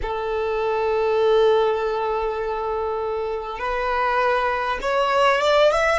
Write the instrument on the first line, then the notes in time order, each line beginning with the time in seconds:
violin
0.02 A4
3.58 B4
4.81 C#5
5.41 D5
5.71 E5